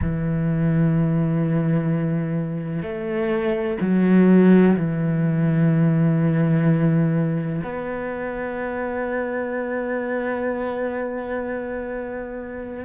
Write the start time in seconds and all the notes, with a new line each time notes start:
0.01 E3
2.82 A3
3.81 F#3
4.76 E3
7.63 B3